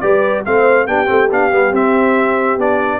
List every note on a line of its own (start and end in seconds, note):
0.00 0.45 G3
0.00 0.45 G4
0.00 0.45 B4
0.00 0.43 D5
0.45 0.86 A3
0.45 0.87 C4
0.45 0.87 C5
0.45 0.86 F5
0.86 1.08 B3
0.86 1.06 D4
0.86 3.00 G4
0.86 1.29 G5
1.06 1.30 A3
1.06 1.28 C4
1.30 1.51 B3
1.30 1.51 D4
1.30 1.75 F5
1.51 1.72 G3
1.51 1.72 B3
1.72 2.57 C4
1.72 2.58 C4
1.72 2.60 E5
2.57 3.00 B3
2.57 3.00 D4
2.57 3.00 D5